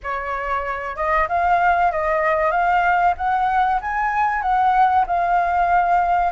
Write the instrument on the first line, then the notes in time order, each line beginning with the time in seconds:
flute
0.03 C#5
0.96 D#5
1.28 F5
1.91 D#5
2.51 F5
3.17 F#5
3.81 G#5
4.42 F#5
5.06 F5